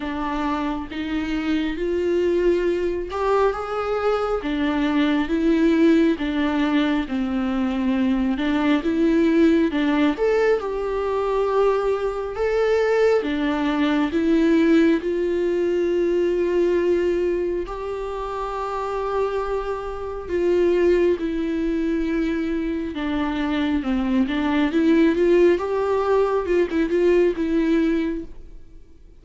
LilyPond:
\new Staff \with { instrumentName = "viola" } { \time 4/4 \tempo 4 = 68 d'4 dis'4 f'4. g'8 | gis'4 d'4 e'4 d'4 | c'4. d'8 e'4 d'8 a'8 | g'2 a'4 d'4 |
e'4 f'2. | g'2. f'4 | e'2 d'4 c'8 d'8 | e'8 f'8 g'4 f'16 e'16 f'8 e'4 | }